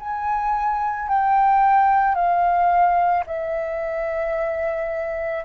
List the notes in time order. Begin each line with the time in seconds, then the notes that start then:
0.00 G#5
1.09 G5
2.15 F5
3.27 E5